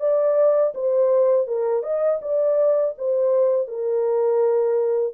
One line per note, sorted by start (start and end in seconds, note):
0.00 0.73 D5
0.75 1.47 C5
1.47 1.83 A#4
1.83 2.19 D#5
2.21 2.94 D5
2.98 3.68 C5
3.68 5.14 A#4